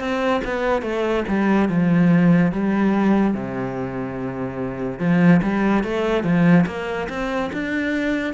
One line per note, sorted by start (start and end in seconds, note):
0.00 0.42 C4
0.45 0.83 B3
0.83 1.24 A3
1.28 1.69 G3
1.69 2.52 F3
2.52 3.35 G3
3.35 5.00 C3
5.00 5.41 F3
5.43 5.84 G3
5.84 6.24 A3
6.24 6.66 F3
6.67 7.09 A#3
7.10 7.52 C4
7.53 8.34 D4